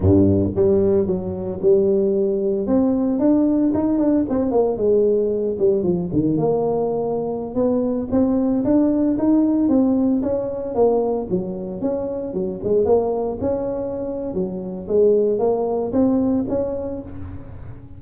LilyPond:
\new Staff \with { instrumentName = "tuba" } { \time 4/4 \tempo 4 = 113 g,4 g4 fis4 g4~ | g4 c'4 d'4 dis'8 d'8 | c'8 ais8 gis4. g8 f8 dis8 | ais2~ ais16 b4 c'8.~ |
c'16 d'4 dis'4 c'4 cis'8.~ | cis'16 ais4 fis4 cis'4 fis8 gis16~ | gis16 ais4 cis'4.~ cis'16 fis4 | gis4 ais4 c'4 cis'4 | }